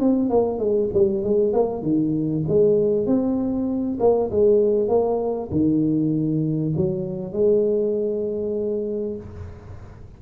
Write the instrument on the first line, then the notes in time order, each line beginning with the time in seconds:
tuba
0.00 C4
0.30 A#3
0.59 G#3
0.93 G3
1.23 G#3
1.53 A#3
1.82 D#3
2.48 G#3
3.06 C4
4.00 A#3
4.31 G#3
4.88 A#3
5.51 D#3
6.76 F#3
7.33 G#3